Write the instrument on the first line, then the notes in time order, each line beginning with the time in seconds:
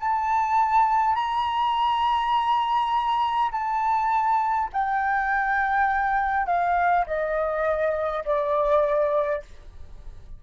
flute
0.00 A5
1.15 A#5
3.52 A5
4.73 G5
6.47 F5
7.06 D#5
8.25 D5